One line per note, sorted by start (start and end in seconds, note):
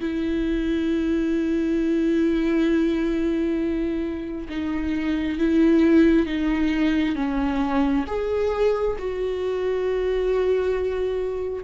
0.00 4.48 E4
4.49 5.39 D#4
5.39 6.26 E4
6.26 7.15 D#4
7.15 8.05 C#4
8.07 8.97 G#4
8.99 11.63 F#4